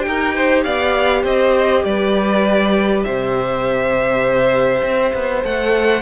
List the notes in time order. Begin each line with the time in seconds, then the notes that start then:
0.00 G4 G5
0.07 D#4 A#4
0.35 C5
0.63 B3 D5 F5
1.23 C4 C5 D#5
1.84 G3 B4 D5
3.04 C3 C5 E5
4.83 C4
5.14 B3
5.44 A3 A4 F#5